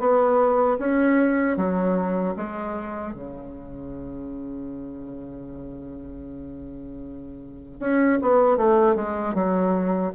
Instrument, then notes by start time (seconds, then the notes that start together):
bassoon
0.00 B3
0.79 C#4
1.57 F#3
2.37 G#3
3.14 C#3
7.81 C#4
8.22 B3
8.57 A3
8.96 G#3
9.35 F#3